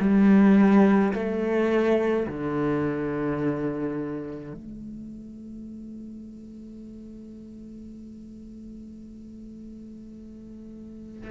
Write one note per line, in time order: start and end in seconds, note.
0.00 1.13 G3
1.14 2.27 A3
2.27 4.53 D3
4.53 11.31 A3